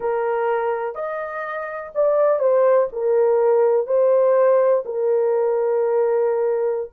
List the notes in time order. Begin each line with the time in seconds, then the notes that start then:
0.00 A#4
0.95 D#5
1.94 D5
2.39 C5
2.92 A#4
3.87 C5
4.85 A#4